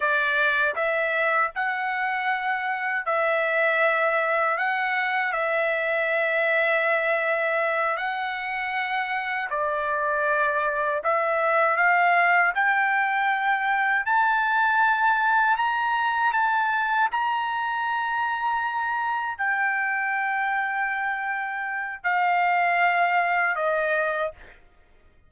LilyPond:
\new Staff \with { instrumentName = "trumpet" } { \time 4/4 \tempo 4 = 79 d''4 e''4 fis''2 | e''2 fis''4 e''4~ | e''2~ e''8 fis''4.~ | fis''8 d''2 e''4 f''8~ |
f''8 g''2 a''4.~ | a''8 ais''4 a''4 ais''4.~ | ais''4. g''2~ g''8~ | g''4 f''2 dis''4 | }